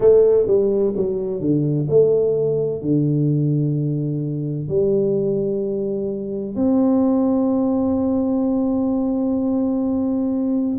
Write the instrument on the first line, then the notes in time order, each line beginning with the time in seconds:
tuba
0.00 A3
0.46 G3
0.96 F#3
1.40 D3
1.89 A3
2.81 D3
4.68 G3
6.55 C4